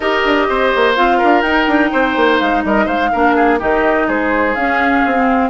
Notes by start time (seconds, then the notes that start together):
0.00 D#4 G4 A#4 D#5
0.24 D4
0.49 C4 C5
0.75 A#3
0.95 C4 F4 F5
1.17 D4 A#4
1.41 D#4 G5
1.67 D4
1.91 C4 C5
2.16 A#3
2.39 G#3 F5
2.64 G3 A#4 D#5
2.85 G#3 C5 F5
3.12 A#3 D4 A#4
3.35 G#4
3.59 D#3 D#4 G4 D#5
4.07 G#3 G#4 C5
4.54 C#4 F5
5.05 C4
5.15 C4